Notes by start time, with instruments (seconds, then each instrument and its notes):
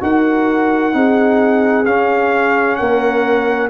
0.00 tuba D#4, trombone F#4, horn A#4, trumpet F#5
0.92 tuba C4, trombone D#4, horn G#4
1.85 tuba C#4, trombone C#4, trumpet F5
2.76 tuba A#3, horn A#4, trumpet F#5